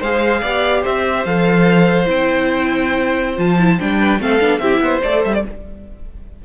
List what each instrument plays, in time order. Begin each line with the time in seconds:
0.00 cello G#3, viola G#4, violin C5 F5
0.41 cello B3, viola G4, violin D5
0.82 cello C4, violin C5 E5
1.26 cello F3, viola A4, violin F5
2.05 cello C4, viola E4, violin G5
3.37 cello F3, viola F4, violin A5
3.60 viola E4
3.79 cello G3, viola D4, violin G5
4.00 violin B4
4.20 cello A3, viola C4, violin A4 F5
4.40 cello B3, viola D4
4.59 cello C4, viola E4, violin G4 E5
4.80 cello B3, violin C5
5.03 cello A3, viola A4, violin D5
5.25 cello G3, violin E5
5.34 violin D5